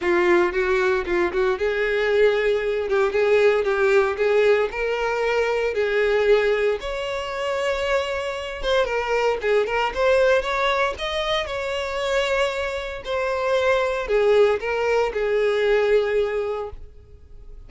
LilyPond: \new Staff \with { instrumentName = "violin" } { \time 4/4 \tempo 4 = 115 f'4 fis'4 f'8 fis'8 gis'4~ | gis'4. g'8 gis'4 g'4 | gis'4 ais'2 gis'4~ | gis'4 cis''2.~ |
cis''8 c''8 ais'4 gis'8 ais'8 c''4 | cis''4 dis''4 cis''2~ | cis''4 c''2 gis'4 | ais'4 gis'2. | }